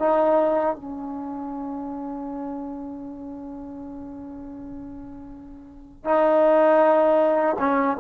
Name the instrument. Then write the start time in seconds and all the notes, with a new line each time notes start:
trombone
0.00 D#4
0.76 C#4
6.05 D#4
7.59 C#4